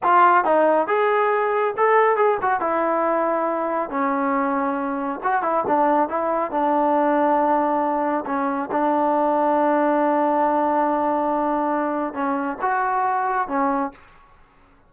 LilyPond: \new Staff \with { instrumentName = "trombone" } { \time 4/4 \tempo 4 = 138 f'4 dis'4 gis'2 | a'4 gis'8 fis'8 e'2~ | e'4 cis'2. | fis'8 e'8 d'4 e'4 d'4~ |
d'2. cis'4 | d'1~ | d'1 | cis'4 fis'2 cis'4 | }